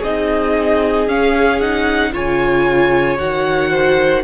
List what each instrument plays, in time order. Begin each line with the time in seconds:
0.00 cello C4, viola D#4, violin G#4 D#5
1.08 cello C#4, viola C#4, violin F5
1.60 viola D#4, violin F#5
2.13 cello C#3, viola F4, violin C#5 G#5
3.18 cello D#3, viola F#4, violin F#5
3.71 violin C5